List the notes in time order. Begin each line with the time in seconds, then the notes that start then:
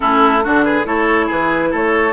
0.00 A3 C#4 E4 A4
0.42 D3 D4 F#4
0.63 G#4 B4
0.84 A3 E4 A4 C#5
1.26 E3 G#4 B4
1.71 A3 A4 C#5